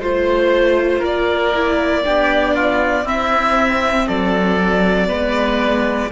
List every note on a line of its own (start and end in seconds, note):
0.00 1.02 A3
0.00 1.53 F4
0.00 1.00 C5
0.00 1.05 C5
1.00 2.04 A#3
1.00 2.01 A#4
1.00 3.08 D5
1.54 2.05 E4
2.05 3.04 B3
2.05 3.06 D4
2.05 2.55 G4
2.55 3.04 F4
3.04 4.06 C4
3.04 5.08 C4
3.04 4.06 E4
3.04 4.08 E5
4.08 5.10 F#3
4.08 5.08 A4
4.08 6.12 D5
5.08 6.11 G#3
5.08 6.10 B3
5.08 6.10 B4